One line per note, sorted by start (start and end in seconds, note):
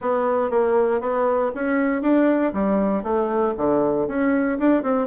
0.01 0.50 B3
0.50 1.00 A#3
1.00 1.51 B3
1.54 2.02 C#4
2.02 2.52 D4
2.53 3.03 G3
3.03 3.54 A3
3.57 4.07 D3
4.07 4.58 C#4
4.58 4.83 D4
4.83 5.07 C4